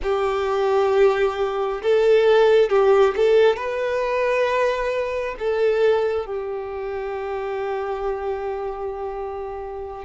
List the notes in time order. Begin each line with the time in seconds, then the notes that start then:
0.02 G4
1.82 A4
2.69 G4
3.15 A4
3.56 B4
5.39 A4
6.26 G4